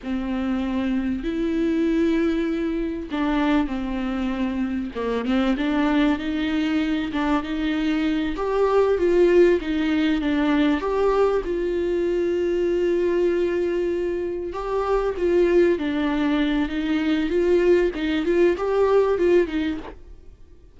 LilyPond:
\new Staff \with { instrumentName = "viola" } { \time 4/4 \tempo 4 = 97 c'2 e'2~ | e'4 d'4 c'2 | ais8 c'8 d'4 dis'4. d'8 | dis'4. g'4 f'4 dis'8~ |
dis'8 d'4 g'4 f'4.~ | f'2.~ f'8 g'8~ | g'8 f'4 d'4. dis'4 | f'4 dis'8 f'8 g'4 f'8 dis'8 | }